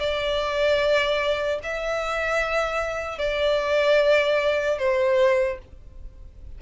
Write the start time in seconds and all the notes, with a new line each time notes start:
0.00 D5
1.64 E5
3.19 D5
4.79 C5